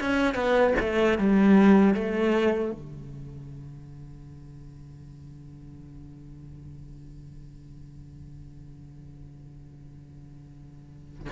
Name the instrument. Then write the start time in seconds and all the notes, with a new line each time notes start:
cello
0.00 C#4
0.35 B3
0.80 A3
1.18 G3
1.94 A3
2.72 D3